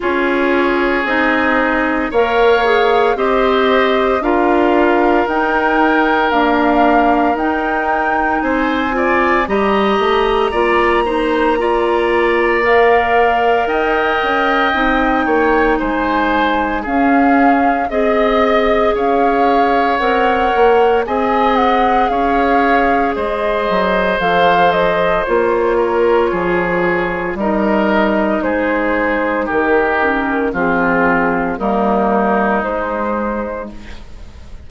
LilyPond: <<
  \new Staff \with { instrumentName = "flute" } { \time 4/4 \tempo 4 = 57 cis''4 dis''4 f''4 dis''4 | f''4 g''4 f''4 g''4 | gis''4 ais''2. | f''4 g''2 gis''4 |
f''4 dis''4 f''4 fis''4 | gis''8 fis''8 f''4 dis''4 f''8 dis''8 | cis''2 dis''4 c''4 | ais'4 gis'4 ais'4 c''4 | }
  \new Staff \with { instrumentName = "oboe" } { \time 4/4 gis'2 cis''4 c''4 | ais'1 | c''8 d''8 dis''4 d''8 c''8 d''4~ | d''4 dis''4. cis''8 c''4 |
gis'4 dis''4 cis''2 | dis''4 cis''4 c''2~ | c''8 ais'8 gis'4 ais'4 gis'4 | g'4 f'4 dis'2 | }
  \new Staff \with { instrumentName = "clarinet" } { \time 4/4 f'4 dis'4 ais'8 gis'8 g'4 | f'4 dis'4 ais4 dis'4~ | dis'8 f'8 g'4 f'8 dis'8 f'4 | ais'2 dis'2 |
cis'4 gis'2 ais'4 | gis'2. a'4 | f'2 dis'2~ | dis'8 cis'8 c'4 ais4 gis4 | }
  \new Staff \with { instrumentName = "bassoon" } { \time 4/4 cis'4 c'4 ais4 c'4 | d'4 dis'4 d'4 dis'4 | c'4 g8 a8 ais2~ | ais4 dis'8 cis'8 c'8 ais8 gis4 |
cis'4 c'4 cis'4 c'8 ais8 | c'4 cis'4 gis8 fis8 f4 | ais4 f4 g4 gis4 | dis4 f4 g4 gis4 | }
>>